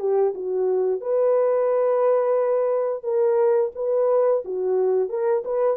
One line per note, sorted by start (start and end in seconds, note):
0.00 0.34 G4
0.35 1.01 F#4
1.01 3.04 B4
3.04 3.72 A#4
3.76 4.44 B4
4.45 5.10 F#4
5.10 5.44 A#4
5.45 5.78 B4